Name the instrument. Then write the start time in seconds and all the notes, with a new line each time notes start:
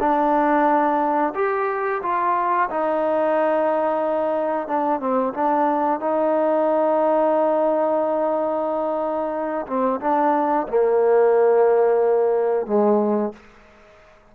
trombone
0.00 D4
1.35 G4
2.02 F4
2.70 D#4
4.67 D4
5.00 C4
5.34 D4
6.00 D#4
9.67 C4
10.00 D4
10.68 A#3
12.66 G#3